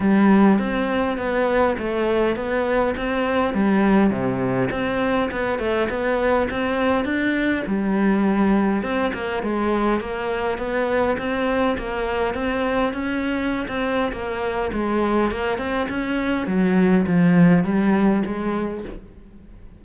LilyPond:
\new Staff \with { instrumentName = "cello" } { \time 4/4 \tempo 4 = 102 g4 c'4 b4 a4 | b4 c'4 g4 c4 | c'4 b8 a8 b4 c'4 | d'4 g2 c'8 ais8 |
gis4 ais4 b4 c'4 | ais4 c'4 cis'4~ cis'16 c'8. | ais4 gis4 ais8 c'8 cis'4 | fis4 f4 g4 gis4 | }